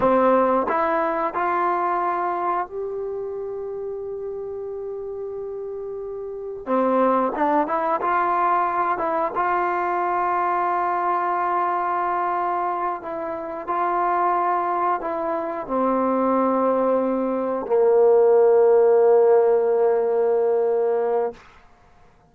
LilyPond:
\new Staff \with { instrumentName = "trombone" } { \time 4/4 \tempo 4 = 90 c'4 e'4 f'2 | g'1~ | g'2 c'4 d'8 e'8 | f'4. e'8 f'2~ |
f'2.~ f'8 e'8~ | e'8 f'2 e'4 c'8~ | c'2~ c'8 ais4.~ | ais1 | }